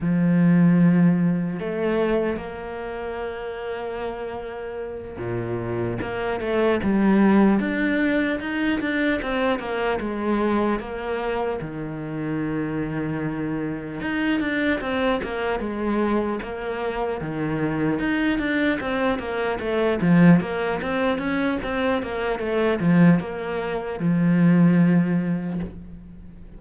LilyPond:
\new Staff \with { instrumentName = "cello" } { \time 4/4 \tempo 4 = 75 f2 a4 ais4~ | ais2~ ais8 ais,4 ais8 | a8 g4 d'4 dis'8 d'8 c'8 | ais8 gis4 ais4 dis4.~ |
dis4. dis'8 d'8 c'8 ais8 gis8~ | gis8 ais4 dis4 dis'8 d'8 c'8 | ais8 a8 f8 ais8 c'8 cis'8 c'8 ais8 | a8 f8 ais4 f2 | }